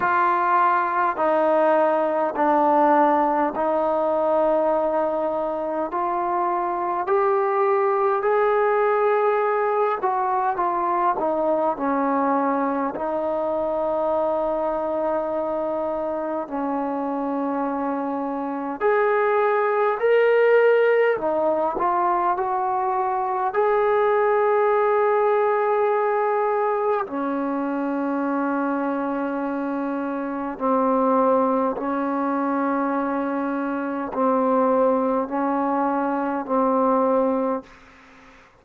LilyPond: \new Staff \with { instrumentName = "trombone" } { \time 4/4 \tempo 4 = 51 f'4 dis'4 d'4 dis'4~ | dis'4 f'4 g'4 gis'4~ | gis'8 fis'8 f'8 dis'8 cis'4 dis'4~ | dis'2 cis'2 |
gis'4 ais'4 dis'8 f'8 fis'4 | gis'2. cis'4~ | cis'2 c'4 cis'4~ | cis'4 c'4 cis'4 c'4 | }